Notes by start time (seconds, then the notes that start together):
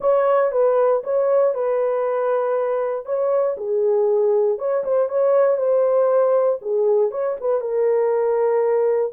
0.00 C#5
0.51 B4
1.03 C#5
1.54 B4
3.05 C#5
3.57 G#4
4.58 C#5
4.84 C5
5.08 C#5
5.57 C5
6.61 G#4
7.11 C#5
7.40 B4
7.60 A#4